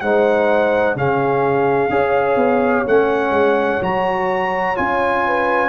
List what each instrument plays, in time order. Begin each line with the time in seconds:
0.00 tuba G#3, trombone D#4, horn C5, trumpet F#5
0.95 tuba C#3, trombone C#4, horn G#4, trumpet F5
1.88 tuba C#4, trombone G#4, horn C#5
2.36 tuba B3
2.86 tuba A3, trombone C#4, trumpet F#5
3.30 tuba G#3
3.81 tuba F#3, trombone F#4, trumpet A#5
4.75 tuba C#4, trombone F4, trumpet G#5
5.26 horn B4